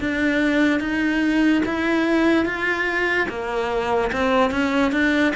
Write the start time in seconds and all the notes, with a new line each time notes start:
0.00 D4
0.80 D#4
1.66 E4
2.45 F4
3.29 A#3
4.13 C4
4.51 C#4
4.92 D4